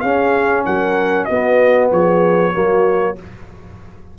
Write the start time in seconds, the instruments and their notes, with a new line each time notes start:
0.00 tuba C#4, trombone C#4, horn G#4, trumpet F5
0.65 tuba F#3, horn A#4, trumpet F#5
1.25 tuba B3, trombone B3, horn F#4, trumpet D#5
1.91 tuba F3, horn G#4, trumpet C#5
2.51 tuba F#3, trombone A#3, horn F#4